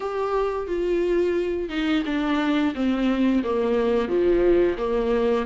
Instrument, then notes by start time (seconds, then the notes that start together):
viola
0.00 G4
0.67 F4
1.69 D#4
2.05 D4
2.74 C4
3.43 A#3
4.08 F3
4.77 A#3